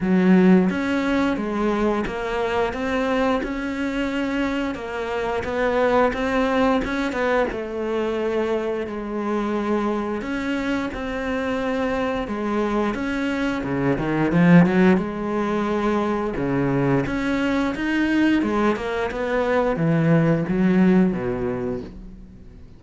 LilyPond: \new Staff \with { instrumentName = "cello" } { \time 4/4 \tempo 4 = 88 fis4 cis'4 gis4 ais4 | c'4 cis'2 ais4 | b4 c'4 cis'8 b8 a4~ | a4 gis2 cis'4 |
c'2 gis4 cis'4 | cis8 dis8 f8 fis8 gis2 | cis4 cis'4 dis'4 gis8 ais8 | b4 e4 fis4 b,4 | }